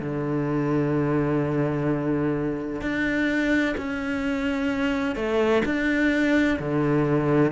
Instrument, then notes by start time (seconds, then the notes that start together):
cello
0.00 D3
2.81 D4
3.77 C#4
5.15 A3
5.65 D4
6.59 D3